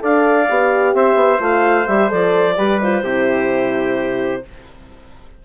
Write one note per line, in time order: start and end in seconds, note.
0.00 0.49 D4
0.00 0.47 A4
0.00 0.96 D5
0.00 0.95 F5
0.49 0.94 B3
0.49 1.40 G4
0.94 1.15 C4
0.94 2.58 C5
0.94 1.41 E5
1.15 1.38 B3
1.40 1.87 A3
1.40 1.86 F4
1.40 1.87 F5
1.87 2.11 G3
1.87 2.09 G4
1.87 2.11 E5
2.09 2.58 F3
2.09 2.55 A4
2.09 2.81 D5
2.57 3.03 G3
2.57 2.80 G4
2.57 3.04 B4
2.82 3.04 F4
2.82 4.45 C5
3.03 4.42 C3
3.03 4.43 E4
3.03 4.43 G4